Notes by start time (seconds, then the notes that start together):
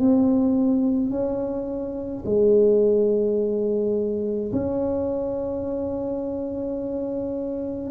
0.00 C4
1.11 C#4
2.26 G#3
4.53 C#4